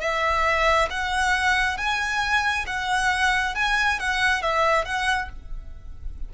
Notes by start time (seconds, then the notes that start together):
0.00 E5
0.90 F#5
1.77 G#5
2.66 F#5
3.55 G#5
3.99 F#5
4.42 E5
4.84 F#5